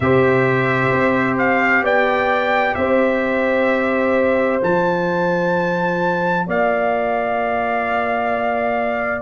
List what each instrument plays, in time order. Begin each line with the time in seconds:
0.00 tuba C3, trombone G4, horn C5, trumpet E5
0.92 tuba C4
1.38 trumpet F5
1.82 tuba B3, horn D5, trumpet G5
2.74 tuba C4, horn C5, trumpet E5
4.61 tuba F3, trombone F4, trumpet A5
6.47 tuba A#3, horn D5, trumpet F5